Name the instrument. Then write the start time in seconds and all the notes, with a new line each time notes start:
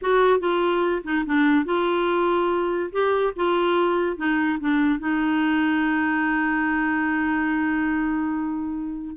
clarinet
0.01 F#4
0.39 F4
1.03 D#4
1.26 D4
1.65 F4
2.91 G4
3.35 F4
4.16 D#4
4.60 D4
4.99 D#4